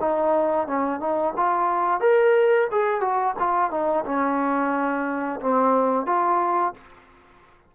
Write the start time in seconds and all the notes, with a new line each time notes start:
0.00 D#4
0.67 C#4
1.00 D#4
1.37 F4
2.00 A#4
2.71 G#4
3.01 F#4
3.39 F4
3.71 D#4
4.05 C#4
5.41 C4
6.06 F4